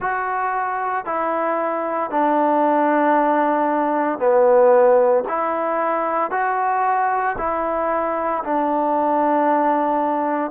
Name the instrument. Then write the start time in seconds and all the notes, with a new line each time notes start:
trombone
0.00 F#4
1.05 E4
2.10 D4
4.18 B3
5.28 E4
6.30 F#4
7.37 E4
8.44 D4